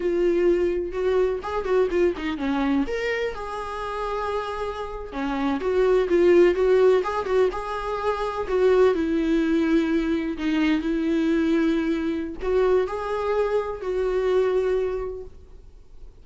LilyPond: \new Staff \with { instrumentName = "viola" } { \time 4/4 \tempo 4 = 126 f'2 fis'4 gis'8 fis'8 | f'8 dis'8 cis'4 ais'4 gis'4~ | gis'2~ gis'8. cis'4 fis'16~ | fis'8. f'4 fis'4 gis'8 fis'8 gis'16~ |
gis'4.~ gis'16 fis'4 e'4~ e'16~ | e'4.~ e'16 dis'4 e'4~ e'16~ | e'2 fis'4 gis'4~ | gis'4 fis'2. | }